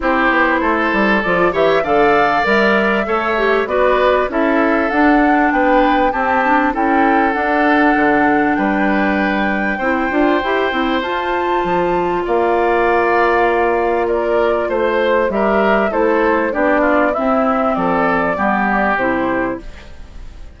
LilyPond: <<
  \new Staff \with { instrumentName = "flute" } { \time 4/4 \tempo 4 = 98 c''2 d''8 e''8 f''4 | e''2 d''4 e''4 | fis''4 g''4 a''4 g''4 | fis''2 g''2~ |
g''2 a''2 | f''2. d''4 | c''4 e''4 c''4 d''4 | e''4 d''2 c''4 | }
  \new Staff \with { instrumentName = "oboe" } { \time 4/4 g'4 a'4. cis''8 d''4~ | d''4 cis''4 b'4 a'4~ | a'4 b'4 g'4 a'4~ | a'2 b'2 |
c''1 | d''2. ais'4 | c''4 ais'4 a'4 g'8 f'8 | e'4 a'4 g'2 | }
  \new Staff \with { instrumentName = "clarinet" } { \time 4/4 e'2 f'8 g'8 a'4 | ais'4 a'8 g'8 fis'4 e'4 | d'2 c'8 d'8 e'4 | d'1 |
e'8 f'8 g'8 e'8 f'2~ | f'1~ | f'4 g'4 e'4 d'4 | c'2 b4 e'4 | }
  \new Staff \with { instrumentName = "bassoon" } { \time 4/4 c'8 b8 a8 g8 f8 e8 d4 | g4 a4 b4 cis'4 | d'4 b4 c'4 cis'4 | d'4 d4 g2 |
c'8 d'8 e'8 c'8 f'4 f4 | ais1 | a4 g4 a4 b4 | c'4 f4 g4 c4 | }
>>